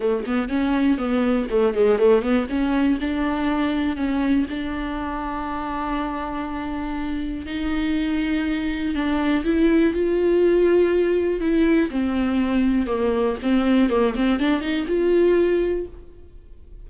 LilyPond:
\new Staff \with { instrumentName = "viola" } { \time 4/4 \tempo 4 = 121 a8 b8 cis'4 b4 a8 gis8 | a8 b8 cis'4 d'2 | cis'4 d'2.~ | d'2. dis'4~ |
dis'2 d'4 e'4 | f'2. e'4 | c'2 ais4 c'4 | ais8 c'8 d'8 dis'8 f'2 | }